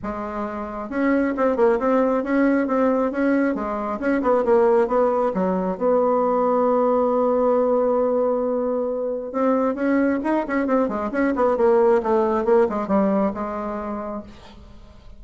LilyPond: \new Staff \with { instrumentName = "bassoon" } { \time 4/4 \tempo 4 = 135 gis2 cis'4 c'8 ais8 | c'4 cis'4 c'4 cis'4 | gis4 cis'8 b8 ais4 b4 | fis4 b2.~ |
b1~ | b4 c'4 cis'4 dis'8 cis'8 | c'8 gis8 cis'8 b8 ais4 a4 | ais8 gis8 g4 gis2 | }